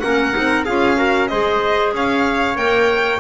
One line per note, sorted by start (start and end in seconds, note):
0.00 0.35 A#3
0.00 0.33 C#4
0.00 0.65 A#4
0.00 0.64 F#5
0.33 0.68 C4
0.33 0.65 D#4
0.65 1.32 C#4
0.65 0.96 F4
0.65 0.97 G#4
0.65 1.28 F5
0.96 1.28 F#4
0.96 1.29 A#4
1.28 1.93 G#3
1.28 2.55 G#4
1.28 1.94 C5
1.28 1.91 D#5
1.93 2.56 C#4
1.93 3.20 C#5
1.93 2.57 F5
2.55 3.20 A#3
2.55 3.19 A#4
2.55 3.20 G5